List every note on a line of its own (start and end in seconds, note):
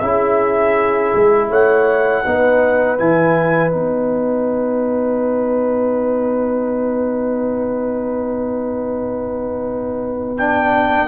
0.00 1.13 C#4
0.00 2.25 E4
0.00 1.50 G#4
0.00 1.48 E5
1.14 1.50 G#3
1.50 2.24 A3
1.50 2.24 C#5
1.50 2.99 F#5
2.24 2.99 B3
2.24 2.99 D#4
2.24 11.08 B4
2.99 3.73 E3
2.99 3.70 E4
2.99 3.71 G#5
3.70 11.08 B3
3.70 10.37 D#4
3.70 10.38 F#5
10.38 11.08 D4
10.38 11.08 G5